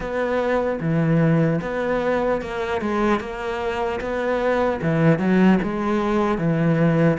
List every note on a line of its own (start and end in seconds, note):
0.00 0.79 B3
0.80 1.60 E3
1.61 2.41 B3
2.41 2.81 A#3
2.81 3.20 G#3
3.20 4.00 A#3
4.00 4.80 B3
4.82 5.18 E3
5.18 5.58 F#3
5.63 6.37 G#3
6.37 7.17 E3